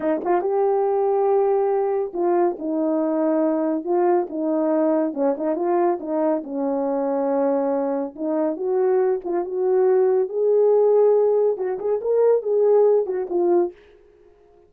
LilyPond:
\new Staff \with { instrumentName = "horn" } { \time 4/4 \tempo 4 = 140 dis'8 f'8 g'2.~ | g'4 f'4 dis'2~ | dis'4 f'4 dis'2 | cis'8 dis'8 f'4 dis'4 cis'4~ |
cis'2. dis'4 | fis'4. f'8 fis'2 | gis'2. fis'8 gis'8 | ais'4 gis'4. fis'8 f'4 | }